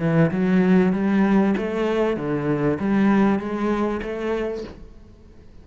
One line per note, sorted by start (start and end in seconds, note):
0.00 0.31 E3
0.31 0.93 F#3
0.93 1.55 G3
1.57 2.17 A3
2.17 2.79 D3
2.80 3.39 G3
3.39 4.01 G#3
4.02 4.64 A3